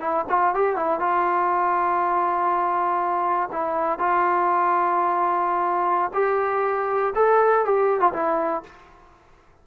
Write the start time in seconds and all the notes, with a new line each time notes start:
0.00 E4
0.29 F4
0.54 G4
0.76 E4
1.00 F4
3.52 E4
3.99 F4
6.13 G4
7.15 A4
7.65 G4
8.00 F4
8.12 E4